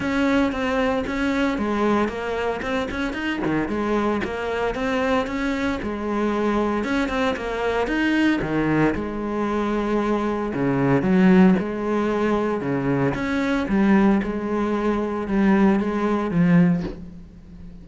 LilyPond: \new Staff \with { instrumentName = "cello" } { \time 4/4 \tempo 4 = 114 cis'4 c'4 cis'4 gis4 | ais4 c'8 cis'8 dis'8 dis8 gis4 | ais4 c'4 cis'4 gis4~ | gis4 cis'8 c'8 ais4 dis'4 |
dis4 gis2. | cis4 fis4 gis2 | cis4 cis'4 g4 gis4~ | gis4 g4 gis4 f4 | }